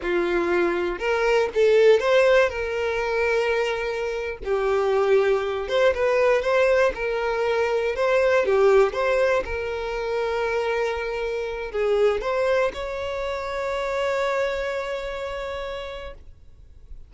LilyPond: \new Staff \with { instrumentName = "violin" } { \time 4/4 \tempo 4 = 119 f'2 ais'4 a'4 | c''4 ais'2.~ | ais'8. g'2~ g'8 c''8 b'16~ | b'8. c''4 ais'2 c''16~ |
c''8. g'4 c''4 ais'4~ ais'16~ | ais'2.~ ais'16 gis'8.~ | gis'16 c''4 cis''2~ cis''8.~ | cis''1 | }